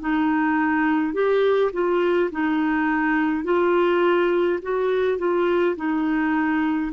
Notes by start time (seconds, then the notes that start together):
0.00 D#4
1.13 G4
1.72 F4
2.31 D#4
3.44 F4
4.62 F#4
5.18 F4
5.76 D#4